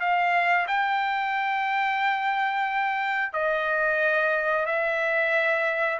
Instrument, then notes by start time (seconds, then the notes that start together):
trumpet
0.00 F5
0.68 G5
3.33 D#5
4.66 E5